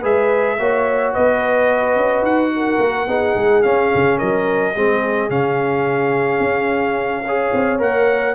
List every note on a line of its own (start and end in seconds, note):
0.00 0.59 G#3
0.00 0.58 G#4
0.00 0.56 B4
0.00 1.14 E5
0.59 1.14 A#3
0.59 3.08 F#4
0.59 1.13 C#5
1.13 1.96 B3
1.13 2.52 B4
1.13 2.25 D#5
1.96 2.22 C#4
2.22 2.78 D#4
2.22 3.63 F#5
2.56 3.08 A#4
2.79 3.07 A#3
3.08 3.35 B3
3.08 3.63 D#4
3.08 4.18 G#4
3.36 3.64 G#3
3.63 4.75 C#4
3.63 3.93 C#4
3.63 4.18 F5
3.95 4.22 C#3
4.18 4.76 F#3
4.18 4.74 A#4
4.18 5.30 D#5
4.75 5.30 G#3
4.75 5.29 C4
4.75 7.25 G#4
5.29 6.40 C#3
5.29 7.24 C#4
5.29 7.80 F5
6.40 7.51 C#4
7.26 7.78 G#4
7.26 8.35 C#5
7.53 7.81 C4
7.78 8.35 A#3
7.78 8.34 A#4
7.78 8.35 F#5